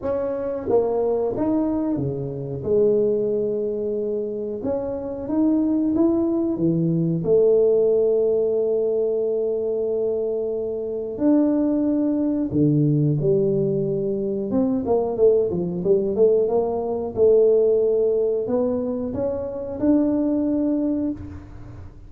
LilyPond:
\new Staff \with { instrumentName = "tuba" } { \time 4/4 \tempo 4 = 91 cis'4 ais4 dis'4 cis4 | gis2. cis'4 | dis'4 e'4 e4 a4~ | a1~ |
a4 d'2 d4 | g2 c'8 ais8 a8 f8 | g8 a8 ais4 a2 | b4 cis'4 d'2 | }